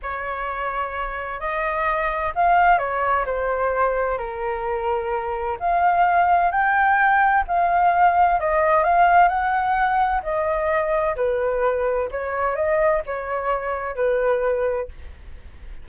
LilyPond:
\new Staff \with { instrumentName = "flute" } { \time 4/4 \tempo 4 = 129 cis''2. dis''4~ | dis''4 f''4 cis''4 c''4~ | c''4 ais'2. | f''2 g''2 |
f''2 dis''4 f''4 | fis''2 dis''2 | b'2 cis''4 dis''4 | cis''2 b'2 | }